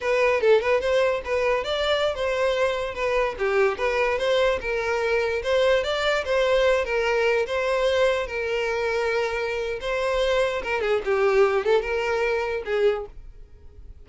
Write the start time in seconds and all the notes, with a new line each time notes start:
0.01 B4
0.40 A4
0.61 B4
0.80 C5
1.24 B4
1.64 D5
2.14 C5
2.94 B4
3.38 G4
3.77 B4
4.18 C5
4.60 A#4
5.43 C5
5.83 D5
6.24 C5
6.84 A#4
7.46 C5
8.26 A#4
9.81 C5
10.63 A#4
10.81 G#4
11.04 G4
11.64 A4
11.81 A#4
12.65 G#4